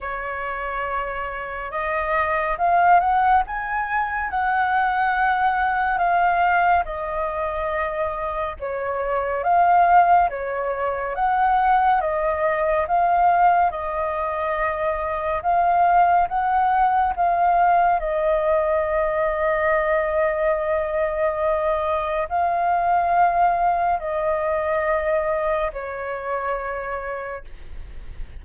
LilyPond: \new Staff \with { instrumentName = "flute" } { \time 4/4 \tempo 4 = 70 cis''2 dis''4 f''8 fis''8 | gis''4 fis''2 f''4 | dis''2 cis''4 f''4 | cis''4 fis''4 dis''4 f''4 |
dis''2 f''4 fis''4 | f''4 dis''2.~ | dis''2 f''2 | dis''2 cis''2 | }